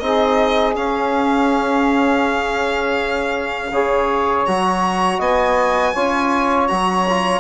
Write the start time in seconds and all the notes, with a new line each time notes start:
0.00 C4 D#4 G#4 D#5
0.76 C#4 F5
3.72 C#3 G#4 C#5
4.46 F#3 F#4 A#5
5.19 B3 D#5 G#5
5.93 C#4 F4 C#5
6.68 F#3 F#4 A#5
7.10 F4